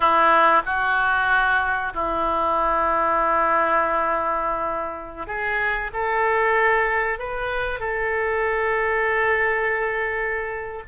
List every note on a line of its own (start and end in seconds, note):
0.00 0.62 E4
0.65 1.93 F#4
1.93 5.27 E4
5.27 5.90 G#4
5.93 7.18 A4
7.18 7.79 B4
7.79 10.82 A4